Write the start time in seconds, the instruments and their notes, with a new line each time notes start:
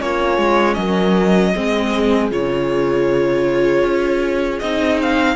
0.00 cello A#3, viola C#4, horn F4, violin C#5
0.38 cello G#3
0.75 cello F#3, horn A#4, violin D#5
1.53 cello G#3, viola C4, horn G#4
2.31 cello C#3, viola F4, violin C#5
3.84 cello C#4
4.60 cello C4, viola D#4, violin D#5
5.02 violin F5